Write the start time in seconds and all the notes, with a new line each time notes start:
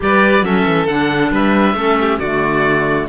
0.00 G3 G4 B4 D5
0.42 F#3 C#4 A4 E5
0.65 E3
0.87 D3 D4 F#5
1.31 G3 B4 E5
1.74 A3 C#4 A4
2.00 G4
2.19 D3 A3 F#4 D5